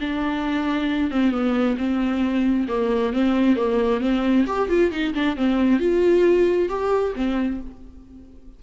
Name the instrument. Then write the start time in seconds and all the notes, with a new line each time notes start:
viola
0.00 D4
1.11 C4
1.31 B3
1.77 C4
2.68 A#3
3.13 C4
3.56 A#3
4.01 C4
4.47 G4
4.69 F4
4.92 D#4
5.14 D4
5.36 C4
5.79 F4
6.69 G4
7.15 C4